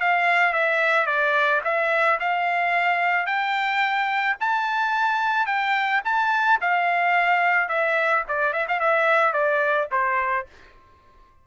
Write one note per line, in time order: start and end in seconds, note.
0.00 0.53 F5
0.53 1.06 E5
1.06 1.61 D5
1.64 2.19 E5
2.19 3.26 F5
3.26 4.36 G5
4.40 5.46 A5
5.46 6.01 G5
6.05 6.60 A5
6.61 7.68 F5
7.68 8.23 E5
8.28 8.53 D5
8.53 8.66 E5
8.68 8.79 F5
8.79 9.33 E5
9.33 9.88 D5
9.91 10.46 C5